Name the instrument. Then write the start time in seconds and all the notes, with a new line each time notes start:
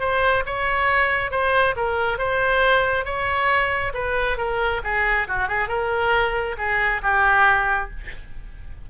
oboe
0.00 C5
0.46 C#5
1.31 C5
1.76 A#4
2.18 C5
3.05 C#5
3.94 B4
4.38 A#4
4.84 G#4
5.28 F#4
5.48 G#4
5.68 A#4
6.58 G#4
7.03 G4